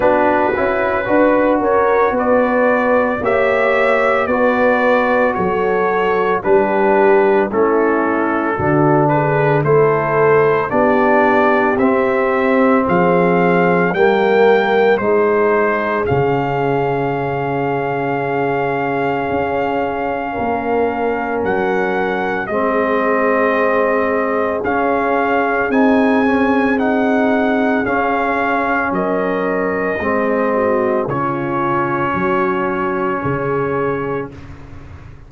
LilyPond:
<<
  \new Staff \with { instrumentName = "trumpet" } { \time 4/4 \tempo 4 = 56 b'4. cis''8 d''4 e''4 | d''4 cis''4 b'4 a'4~ | a'8 b'8 c''4 d''4 e''4 | f''4 g''4 c''4 f''4~ |
f''1 | fis''4 dis''2 f''4 | gis''4 fis''4 f''4 dis''4~ | dis''4 cis''2. | }
  \new Staff \with { instrumentName = "horn" } { \time 4/4 fis'4 b'8 ais'8 b'4 cis''4 | b'4 a'4 g'4 e'4 | fis'8 gis'8 a'4 g'2 | gis'4 ais'4 gis'2~ |
gis'2. ais'4~ | ais'4 gis'2.~ | gis'2. ais'4 | gis'8 fis'8 f'4 fis'4 gis'4 | }
  \new Staff \with { instrumentName = "trombone" } { \time 4/4 d'8 e'8 fis'2 g'4 | fis'2 d'4 cis'4 | d'4 e'4 d'4 c'4~ | c'4 ais4 dis'4 cis'4~ |
cis'1~ | cis'4 c'2 cis'4 | dis'8 cis'8 dis'4 cis'2 | c'4 cis'2. | }
  \new Staff \with { instrumentName = "tuba" } { \time 4/4 b8 cis'8 d'8 cis'8 b4 ais4 | b4 fis4 g4 a4 | d4 a4 b4 c'4 | f4 g4 gis4 cis4~ |
cis2 cis'4 ais4 | fis4 gis2 cis'4 | c'2 cis'4 fis4 | gis4 cis4 fis4 cis4 | }
>>